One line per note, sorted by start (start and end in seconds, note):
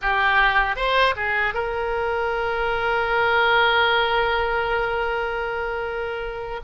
0.01 0.75 G4
0.75 1.14 C5
1.15 1.54 G#4
1.54 6.60 A#4